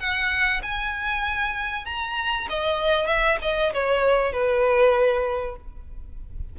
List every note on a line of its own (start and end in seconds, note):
0.00 0.62 F#5
0.63 1.86 G#5
1.86 2.47 A#5
2.49 3.07 D#5
3.07 3.38 E5
3.42 3.73 D#5
3.74 4.33 C#5
4.33 5.56 B4